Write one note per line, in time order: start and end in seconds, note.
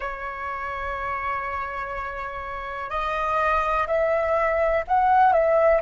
0.00 2.90 C#5
2.90 3.87 D#5
3.87 4.84 E5
4.87 5.32 F#5
5.32 5.81 E5